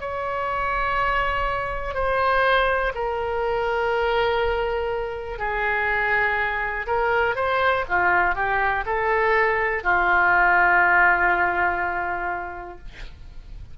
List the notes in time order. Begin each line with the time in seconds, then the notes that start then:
0.00 C#5
1.94 C5
2.95 A#4
5.38 G#4
6.86 A#4
7.35 C5
7.89 F4
8.35 G4
8.86 A4
9.83 F4